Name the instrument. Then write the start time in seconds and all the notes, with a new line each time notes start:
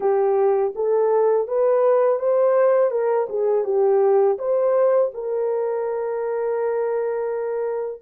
horn
0.00 G4
0.75 A4
1.47 B4
2.19 C5
2.90 A#4
3.29 G#4
3.64 G4
4.38 C5
5.14 A#4